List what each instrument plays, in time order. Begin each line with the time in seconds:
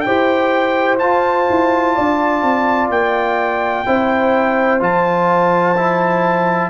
0.00 trombone G4, horn C5, trumpet G5
0.06 tuba E4
0.98 tuba F4, trombone F4, trumpet A5
1.49 tuba E4
1.94 tuba D4, horn D5
2.42 tuba C4
2.89 tuba A#3, trumpet G5
3.86 tuba C4, trombone E4, horn C5
4.80 tuba F3, trombone F4, trumpet A5
5.76 trombone E4